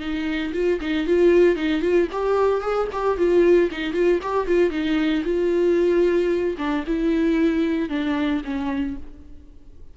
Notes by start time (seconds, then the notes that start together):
0.00 D#4
0.53 F4
0.81 D#4
1.07 F4
1.56 D#4
1.82 F4
2.12 G4
2.61 G#4
2.92 G4
3.18 F4
3.71 D#4
3.93 F4
4.22 G4
4.47 F4
4.71 D#4
5.25 F4
6.58 D4
6.87 E4
7.89 D4
8.44 C#4